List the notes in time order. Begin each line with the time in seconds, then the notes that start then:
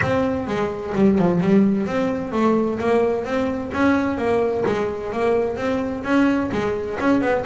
0.01 C4
0.47 G#3
0.95 G3
1.18 F3
1.40 G3
1.86 C4
2.32 A3
2.79 A#3
3.24 C4
3.73 C#4
4.17 A#3
4.66 G#3
5.12 A#3
5.56 C4
6.03 C#4
6.52 G#3
6.99 C#4
7.21 B3